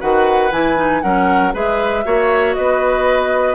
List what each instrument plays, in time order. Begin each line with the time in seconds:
0.00 bassoon D#3, clarinet F#4, oboe B4, flute F#5
0.52 bassoon E3, clarinet E4, flute G#5
0.76 clarinet D#4
1.02 bassoon F#3, clarinet C#4, oboe A#4, flute F#5
1.53 bassoon G#3, clarinet G#4, oboe B4, flute E5
2.05 bassoon A#3, clarinet F#4, oboe C#5
2.54 bassoon B3, oboe B4, flute D#5